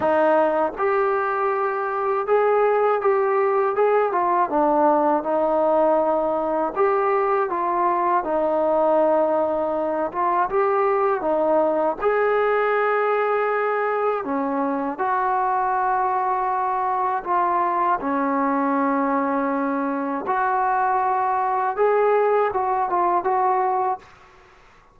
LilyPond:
\new Staff \with { instrumentName = "trombone" } { \time 4/4 \tempo 4 = 80 dis'4 g'2 gis'4 | g'4 gis'8 f'8 d'4 dis'4~ | dis'4 g'4 f'4 dis'4~ | dis'4. f'8 g'4 dis'4 |
gis'2. cis'4 | fis'2. f'4 | cis'2. fis'4~ | fis'4 gis'4 fis'8 f'8 fis'4 | }